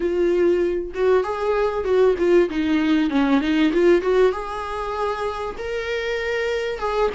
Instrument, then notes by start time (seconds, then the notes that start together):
viola
0.00 F4
0.94 F#4
1.23 G#4
1.84 F#4
2.18 F4
2.49 D#4
3.10 C#4
3.40 D#4
3.72 F4
4.01 F#4
4.32 G#4
5.58 A#4
6.78 G#4